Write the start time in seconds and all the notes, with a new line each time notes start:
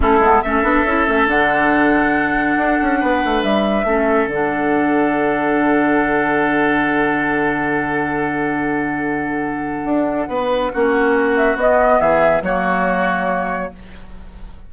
0.00 A3 C#4 E4 A4
0.19 G#3 B3
0.41 A3 C#4 A4 E5
0.62 B3 D4
0.84 C#4 E4
1.07 A3 C#4
1.26 D3 D4 F#5
2.57 D4
2.82 C#4
2.99 B3 B4
3.24 A3
3.43 G3 E5
3.84 A3 C#4 A4
4.26 D3 D4 F#5
9.84 D4
10.28 B3 B4
10.73 A#3 C#4 F#4
11.36 E5
11.55 B3 D#5
11.99 E3 G#4 E5
12.41 F#3 A#3 F#4 C#5